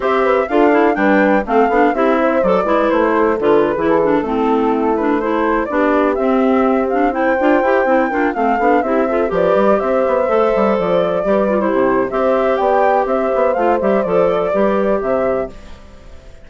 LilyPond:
<<
  \new Staff \with { instrumentName = "flute" } { \time 4/4 \tempo 4 = 124 e''4 f''4 g''4 f''4 | e''4 d''4 c''4 b'4 | a'2~ a'16 b'8 c''4 d''16~ | d''8. e''4. f''8 g''4~ g''16~ |
g''4~ g''16 f''4 e''4 d''8.~ | d''16 e''2 d''4.~ d''16 | c''4 e''4 g''4 e''4 | f''8 e''8 d''2 e''4 | }
  \new Staff \with { instrumentName = "horn" } { \time 4/4 c''8 b'8 a'4 b'4 a'4 | g'8 c''4 b'4 a'4~ a'16 gis'16~ | gis'8. e'2 a'4 g'16~ | g'2~ g'8. c''4~ c''16~ |
c''8. ais'8 a'4 g'8 a'8 b'8.~ | b'16 c''2. b'8. | g'4 c''4 d''4 c''4~ | c''2 b'4 c''4 | }
  \new Staff \with { instrumentName = "clarinet" } { \time 4/4 g'4 f'8 e'8 d'4 c'8 d'8 | e'4 a'8 e'4. f'8. e'16~ | e'16 d'8 c'4. d'8 e'4 d'16~ | d'8. c'4. d'8 e'8 f'8 g'16~ |
g'16 e'8 d'8 c'8 d'8 e'8 f'8 g'8.~ | g'4~ g'16 a'2 g'8 f'16 | e'4 g'2. | f'8 g'8 a'4 g'2 | }
  \new Staff \with { instrumentName = "bassoon" } { \time 4/4 c'4 d'4 g4 a8 b8 | c'4 fis8 gis8 a4 d8. e16~ | e8. a2. b16~ | b8. c'2~ c'8 d'8 e'16~ |
e'16 c'8 f'8 a8 b8 c'4 f8 g16~ | g16 c'8 b8 a8 g8 f4 g8.~ | g16 c8. c'4 b4 c'8 b8 | a8 g8 f4 g4 c4 | }
>>